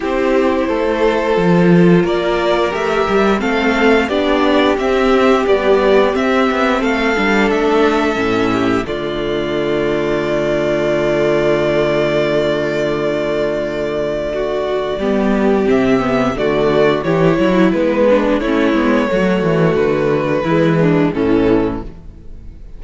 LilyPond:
<<
  \new Staff \with { instrumentName = "violin" } { \time 4/4 \tempo 4 = 88 c''2. d''4 | e''4 f''4 d''4 e''4 | d''4 e''4 f''4 e''4~ | e''4 d''2.~ |
d''1~ | d''2. e''4 | d''4 cis''4 b'4 cis''4~ | cis''4 b'2 a'4 | }
  \new Staff \with { instrumentName = "violin" } { \time 4/4 g'4 a'2 ais'4~ | ais'4 a'4 g'2~ | g'2 a'2~ | a'8 g'8 f'2.~ |
f'1~ | f'4 fis'4 g'2 | fis'4 g'8 e'8 b4 e'4 | fis'2 e'8 d'8 cis'4 | }
  \new Staff \with { instrumentName = "viola" } { \time 4/4 e'2 f'2 | g'4 c'4 d'4 c'4 | g4 c'4. d'4. | cis'4 a2.~ |
a1~ | a2 b4 c'8 b8 | a4 e'4. d'8 cis'8 b8 | a2 gis4 e4 | }
  \new Staff \with { instrumentName = "cello" } { \time 4/4 c'4 a4 f4 ais4 | a8 g8 a4 b4 c'4 | b4 c'8 b8 a8 g8 a4 | a,4 d2.~ |
d1~ | d2 g4 c4 | d4 e8 fis8 gis4 a8 gis8 | fis8 e8 d4 e4 a,4 | }
>>